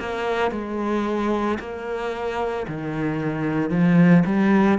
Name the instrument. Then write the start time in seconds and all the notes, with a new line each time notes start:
cello
0.00 A#3
0.52 G#3
1.60 A#3
2.68 D#3
3.70 F3
4.26 G3